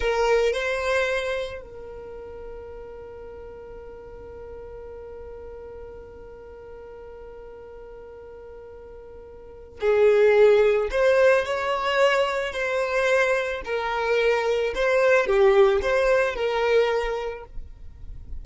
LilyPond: \new Staff \with { instrumentName = "violin" } { \time 4/4 \tempo 4 = 110 ais'4 c''2 ais'4~ | ais'1~ | ais'1~ | ais'1~ |
ais'2 gis'2 | c''4 cis''2 c''4~ | c''4 ais'2 c''4 | g'4 c''4 ais'2 | }